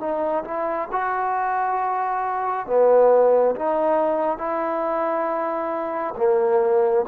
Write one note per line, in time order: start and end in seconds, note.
0.00 0.44 D#4
0.45 0.89 E4
0.92 2.67 F#4
2.67 3.55 B3
3.55 4.38 D#4
4.38 6.14 E4
6.17 7.05 A#3